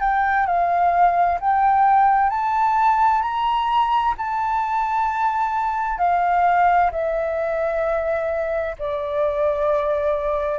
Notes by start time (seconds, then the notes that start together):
0.00 G5
0.46 F5
1.40 G5
2.30 A5
3.22 A#5
4.17 A5
5.98 F5
6.91 E5
8.79 D5